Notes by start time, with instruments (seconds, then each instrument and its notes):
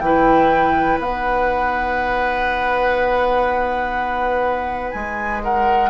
0.00 bassoon E3, clarinet E4, oboe B4, flute G5
0.99 bassoon B3, clarinet D#4, flute F#5
4.91 bassoon G#3, flute G#5
5.43 oboe A#4, flute F#5